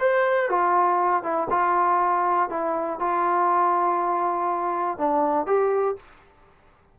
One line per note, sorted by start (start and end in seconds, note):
0.00 0.49 C5
0.49 1.23 F4
1.23 1.48 E4
1.50 2.50 F4
2.50 3.00 E4
3.00 4.98 F4
4.98 5.47 D4
5.47 5.97 G4